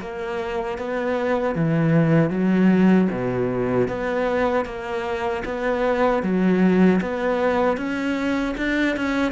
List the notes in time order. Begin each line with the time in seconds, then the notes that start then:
0.00 A#3
0.78 B3
1.55 E3
2.30 F#3
3.10 B2
3.87 B3
4.65 A#3
5.44 B3
6.22 F#3
7.01 B3
7.77 C#4
8.57 D4
8.96 C#4